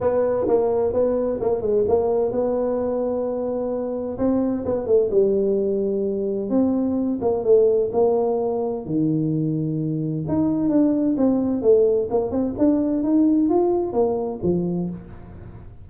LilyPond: \new Staff \with { instrumentName = "tuba" } { \time 4/4 \tempo 4 = 129 b4 ais4 b4 ais8 gis8 | ais4 b2.~ | b4 c'4 b8 a8 g4~ | g2 c'4. ais8 |
a4 ais2 dis4~ | dis2 dis'4 d'4 | c'4 a4 ais8 c'8 d'4 | dis'4 f'4 ais4 f4 | }